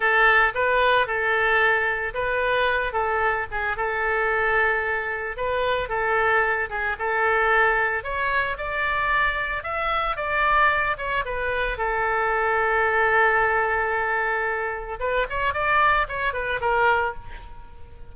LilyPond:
\new Staff \with { instrumentName = "oboe" } { \time 4/4 \tempo 4 = 112 a'4 b'4 a'2 | b'4. a'4 gis'8 a'4~ | a'2 b'4 a'4~ | a'8 gis'8 a'2 cis''4 |
d''2 e''4 d''4~ | d''8 cis''8 b'4 a'2~ | a'1 | b'8 cis''8 d''4 cis''8 b'8 ais'4 | }